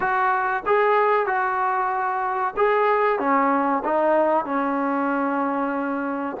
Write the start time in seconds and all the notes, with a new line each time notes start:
0.00 F#4
0.66 G#4
1.26 F#4
2.56 G#4
3.19 C#4
3.84 D#4
4.45 C#4